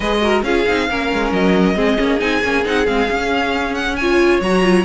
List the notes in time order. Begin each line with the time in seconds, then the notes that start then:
0.00 G#3 G#4 B4 D#5
0.21 F#4 A#4
0.42 C#4 F4 G#4 F5
0.67 C4 D#4
0.89 A#3 C#4 A#4
1.12 G#3
1.31 F#3 D#5
1.75 G#3 C4 G#4
1.97 A#3 C#4
2.18 C4 D#4 G#5
2.43 A#3 C#4
2.64 C4 D#4 F#5
2.86 G#3 C4 F5
3.09 C#4
3.74 F#5
3.95 F4 C#5 G#5
4.40 F#3 F#4 A#5
4.62 F4